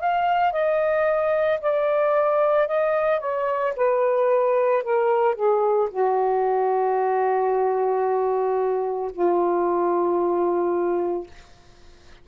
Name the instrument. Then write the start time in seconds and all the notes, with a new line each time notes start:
saxophone
0.00 F5
0.53 D#5
1.61 D5
2.68 D#5
3.20 C#5
3.76 B4
4.84 A#4
5.35 G#4
5.91 F#4
9.13 F4